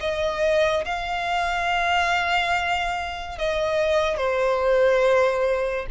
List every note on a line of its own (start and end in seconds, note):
0.00 0.85 D#5
0.85 3.38 F5
3.38 4.17 D#5
4.17 5.86 C5